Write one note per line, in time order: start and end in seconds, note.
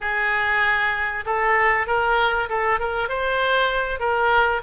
0.01 1.24 G#4
1.25 1.86 A4
1.86 2.48 A#4
2.49 2.79 A4
2.79 3.08 A#4
3.08 3.99 C5
3.99 4.61 A#4